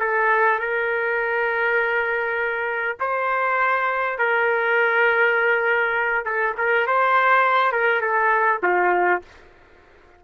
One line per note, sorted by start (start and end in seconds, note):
0.00 0.59 A4
0.59 2.96 A#4
3.00 4.18 C5
4.18 6.25 A#4
6.25 6.55 A4
6.57 6.87 A#4
6.87 7.72 C5
7.72 8.01 A#4
8.01 8.61 A4
8.62 9.22 F4